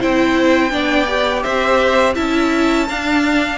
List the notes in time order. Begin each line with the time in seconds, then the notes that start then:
0.00 C4 E4 C5 G5
0.71 B3 D4 D5
1.08 G4
1.43 C4 C5 E5
2.15 C#4 E4 E5 A5
2.89 D4 F5